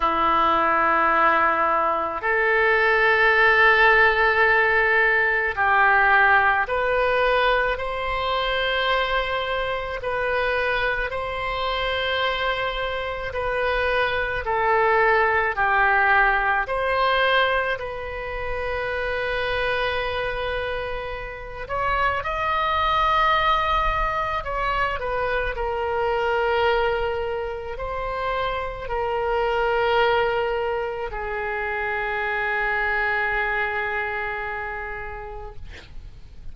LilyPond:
\new Staff \with { instrumentName = "oboe" } { \time 4/4 \tempo 4 = 54 e'2 a'2~ | a'4 g'4 b'4 c''4~ | c''4 b'4 c''2 | b'4 a'4 g'4 c''4 |
b'2.~ b'8 cis''8 | dis''2 cis''8 b'8 ais'4~ | ais'4 c''4 ais'2 | gis'1 | }